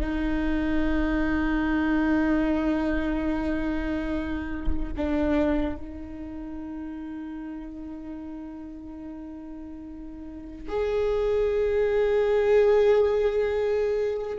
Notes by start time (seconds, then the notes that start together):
0.00 D#4
4.97 D4
5.76 D#4
10.68 G#4